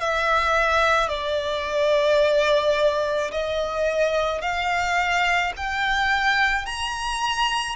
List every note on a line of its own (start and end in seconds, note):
0.00 1.09 E5
1.09 3.31 D5
3.31 4.41 D#5
4.41 5.53 F5
5.57 6.66 G5
6.66 7.76 A#5